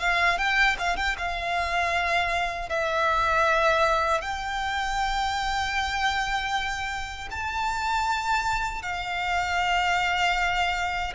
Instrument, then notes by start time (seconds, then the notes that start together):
violin
0.00 F5
0.38 G5
0.79 F5
0.97 G5
1.19 F5
2.70 E5
4.21 G5
7.31 A5
8.83 F5